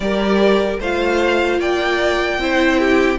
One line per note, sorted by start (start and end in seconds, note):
0.00 0.79 G3
0.00 0.81 G4
0.00 0.79 A#4
0.00 0.79 D5
0.79 1.58 A3
0.79 2.40 F4
0.79 1.59 C5
0.79 1.61 F5
1.58 2.38 A#3
1.58 2.39 D5
1.58 3.18 G5
2.38 3.18 C4
2.38 3.18 E4
2.38 2.79 C5
2.79 3.18 G4